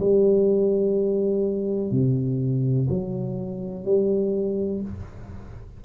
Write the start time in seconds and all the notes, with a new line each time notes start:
0.00 G3
1.91 C3
2.89 F#3
3.85 G3